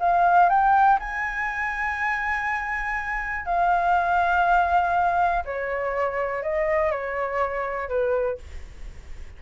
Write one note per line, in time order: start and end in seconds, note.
0.00 0.49 F5
0.49 0.99 G5
0.99 3.46 G#5
3.46 5.44 F5
5.45 6.43 C#5
6.43 6.91 D#5
6.91 7.89 C#5
7.89 8.38 B4